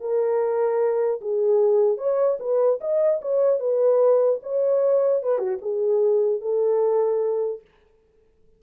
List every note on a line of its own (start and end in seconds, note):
0.00 1.20 A#4
1.21 1.97 G#4
1.97 2.37 C#5
2.39 2.79 B4
2.80 3.20 D#5
3.21 3.59 C#5
3.59 4.39 B4
4.42 5.22 C#5
5.23 5.38 B4
5.38 5.58 F#4
5.61 6.41 G#4
6.41 7.61 A4